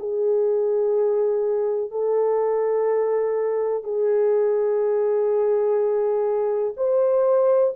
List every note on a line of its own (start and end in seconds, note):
0.00 1.91 G#4
1.91 3.84 A4
3.84 6.74 G#4
6.77 7.74 C5